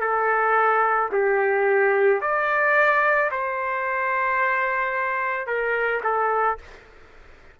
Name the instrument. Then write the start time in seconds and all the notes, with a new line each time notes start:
trumpet
0.00 A4
1.12 G4
2.21 D5
3.31 C5
5.46 A#4
6.03 A4